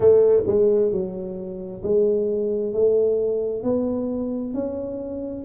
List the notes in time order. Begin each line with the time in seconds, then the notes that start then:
0.00 A3
0.46 G#3
0.91 F#3
1.83 G#3
2.73 A3
3.63 B3
4.53 C#4